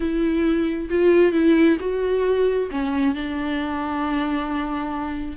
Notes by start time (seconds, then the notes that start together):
0.00 E4
0.89 F4
1.32 E4
1.80 F#4
2.70 C#4
3.14 D4